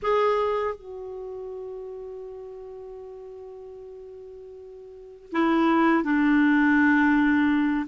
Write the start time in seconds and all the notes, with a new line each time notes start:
0.02 G#4
0.75 F#4
5.32 E4
6.03 D4